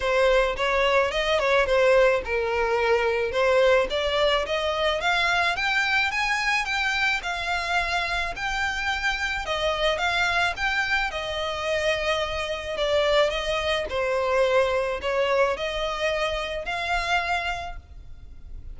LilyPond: \new Staff \with { instrumentName = "violin" } { \time 4/4 \tempo 4 = 108 c''4 cis''4 dis''8 cis''8 c''4 | ais'2 c''4 d''4 | dis''4 f''4 g''4 gis''4 | g''4 f''2 g''4~ |
g''4 dis''4 f''4 g''4 | dis''2. d''4 | dis''4 c''2 cis''4 | dis''2 f''2 | }